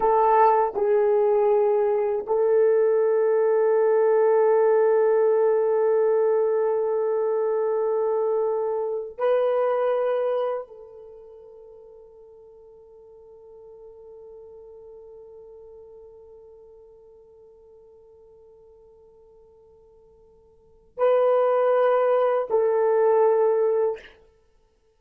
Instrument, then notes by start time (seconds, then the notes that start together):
horn
0.00 A4
0.75 G#4
2.26 A4
9.18 B4
10.67 A4
20.97 B4
22.50 A4